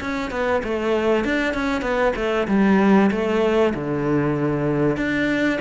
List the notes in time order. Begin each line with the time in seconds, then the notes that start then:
0.00 C#4
0.30 B3
0.63 A3
1.24 D4
1.54 C#4
1.81 B3
2.16 A3
2.47 G3
3.11 A3
3.74 D3
4.96 D4